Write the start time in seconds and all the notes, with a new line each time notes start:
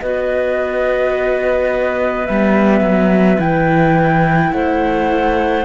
0.00 B3 F#4 B4 D#5
2.26 G3 B3 E5
2.81 F#3
3.38 E3 E4 G5
4.52 A3 C5 F#5